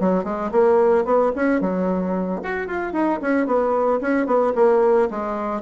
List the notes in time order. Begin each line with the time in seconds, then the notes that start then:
0.00 F#3
0.24 G#3
0.51 A#3
1.05 B3
1.36 C#4
1.61 F#3
2.43 F#4
2.67 F4
2.93 D#4
3.22 C#4
3.47 B3
4.01 C#4
4.26 B3
4.55 A#3
5.11 G#3